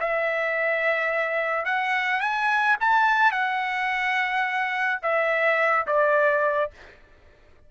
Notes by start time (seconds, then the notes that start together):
0.00 E5
1.65 F#5
2.20 G#5
2.80 A5
3.31 F#5
5.02 E5
5.86 D5